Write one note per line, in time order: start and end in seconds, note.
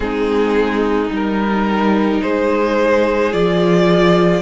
0.00 1.09 G#3
0.00 1.10 C4
0.00 2.22 D#4
0.00 1.11 G#4
1.09 2.21 G3
1.09 3.31 D#4
1.09 2.22 A#4
2.22 3.33 G#3
2.22 4.41 G#4
2.22 3.32 C5
3.31 4.41 F3
3.31 4.41 F4
3.31 4.41 D5